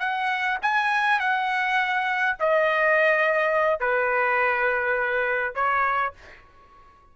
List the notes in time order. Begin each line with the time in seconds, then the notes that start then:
0.00 F#5
0.62 G#5
1.20 F#5
2.40 D#5
3.80 B4
5.55 C#5